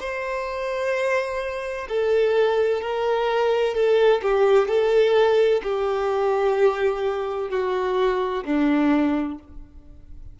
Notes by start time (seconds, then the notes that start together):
0.00 C5
1.89 A4
2.81 A#4
3.75 A4
4.22 G4
4.68 A4
5.63 G4
7.50 F#4
8.45 D4